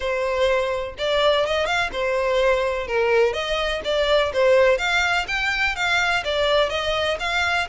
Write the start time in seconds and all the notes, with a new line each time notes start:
0.00 C5
0.98 D5
1.45 D#5
1.65 F5
1.92 C5
2.87 A#4
3.33 D#5
3.84 D5
4.33 C5
4.78 F5
5.27 G5
5.75 F5
6.24 D5
6.69 D#5
7.19 F5